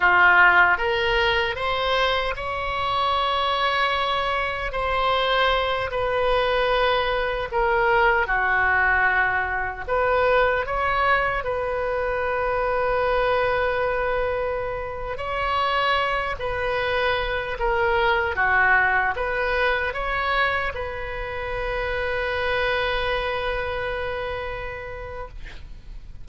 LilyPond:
\new Staff \with { instrumentName = "oboe" } { \time 4/4 \tempo 4 = 76 f'4 ais'4 c''4 cis''4~ | cis''2 c''4. b'8~ | b'4. ais'4 fis'4.~ | fis'8 b'4 cis''4 b'4.~ |
b'2.~ b'16 cis''8.~ | cis''8. b'4. ais'4 fis'8.~ | fis'16 b'4 cis''4 b'4.~ b'16~ | b'1 | }